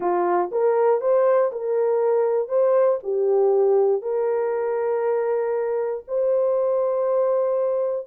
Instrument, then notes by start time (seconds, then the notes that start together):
horn
0.00 F4
0.51 A#4
1.01 C5
1.52 A#4
2.48 C5
3.03 G4
4.02 A#4
6.07 C5